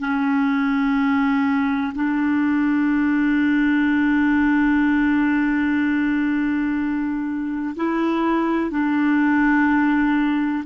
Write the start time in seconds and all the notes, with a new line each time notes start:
0.00 C#4
1.95 D4
7.76 E4
8.71 D4